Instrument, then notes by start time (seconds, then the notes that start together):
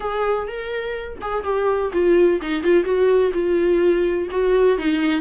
viola
0.00 G#4
0.47 A#4
1.21 G#4
1.43 G4
1.92 F4
2.41 D#4
2.63 F4
2.84 F#4
3.33 F4
4.30 F#4
4.77 D#4